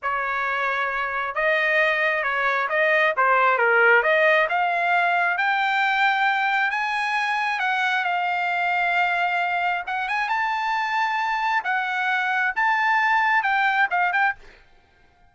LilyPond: \new Staff \with { instrumentName = "trumpet" } { \time 4/4 \tempo 4 = 134 cis''2. dis''4~ | dis''4 cis''4 dis''4 c''4 | ais'4 dis''4 f''2 | g''2. gis''4~ |
gis''4 fis''4 f''2~ | f''2 fis''8 gis''8 a''4~ | a''2 fis''2 | a''2 g''4 f''8 g''8 | }